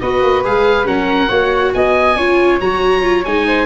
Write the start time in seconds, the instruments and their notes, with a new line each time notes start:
0.00 tuba B3, viola F#4, flute B4, oboe D#5
0.22 tuba A#3
0.44 tuba G#3, viola G#4, oboe F5
0.85 tuba F#3, viola C#4, flute A#4, oboe F#5
1.28 tuba A#3, viola F#4, flute C#5
1.73 tuba B3, flute D#5, oboe G#5
2.16 tuba C#4, viola F4, flute C#5
2.60 tuba F#3, viola F#4, oboe A#5
3.02 viola F4
3.24 tuba G#3, viola D#4, oboe G#5
3.47 flute C5